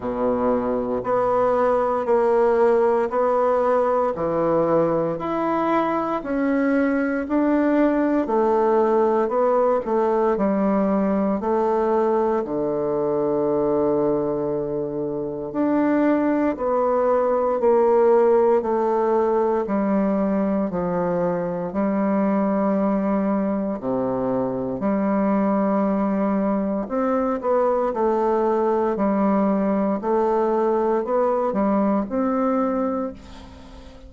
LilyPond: \new Staff \with { instrumentName = "bassoon" } { \time 4/4 \tempo 4 = 58 b,4 b4 ais4 b4 | e4 e'4 cis'4 d'4 | a4 b8 a8 g4 a4 | d2. d'4 |
b4 ais4 a4 g4 | f4 g2 c4 | g2 c'8 b8 a4 | g4 a4 b8 g8 c'4 | }